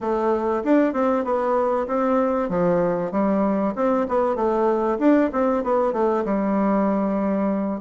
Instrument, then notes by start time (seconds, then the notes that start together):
bassoon
0.00 A3
0.64 D4
0.93 C4
1.24 B3
1.87 C4
2.49 F3
3.11 G3
3.75 C4
4.08 B3
4.35 A3
4.99 D4
5.32 C4
5.63 B3
5.92 A3
6.24 G3